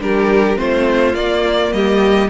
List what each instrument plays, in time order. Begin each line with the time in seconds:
0.00 cello G3, viola D4, violin G4 A#4
0.56 cello A3, viola C4, violin F4 C5
1.15 cello A#3, viola A#3, violin D5
1.73 cello G3, violin G4 D#5